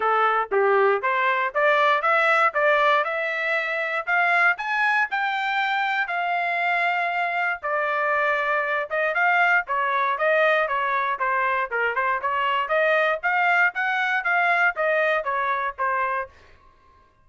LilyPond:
\new Staff \with { instrumentName = "trumpet" } { \time 4/4 \tempo 4 = 118 a'4 g'4 c''4 d''4 | e''4 d''4 e''2 | f''4 gis''4 g''2 | f''2. d''4~ |
d''4. dis''8 f''4 cis''4 | dis''4 cis''4 c''4 ais'8 c''8 | cis''4 dis''4 f''4 fis''4 | f''4 dis''4 cis''4 c''4 | }